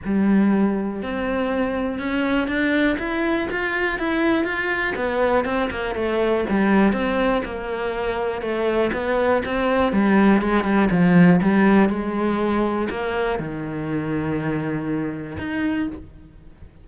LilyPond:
\new Staff \with { instrumentName = "cello" } { \time 4/4 \tempo 4 = 121 g2 c'2 | cis'4 d'4 e'4 f'4 | e'4 f'4 b4 c'8 ais8 | a4 g4 c'4 ais4~ |
ais4 a4 b4 c'4 | g4 gis8 g8 f4 g4 | gis2 ais4 dis4~ | dis2. dis'4 | }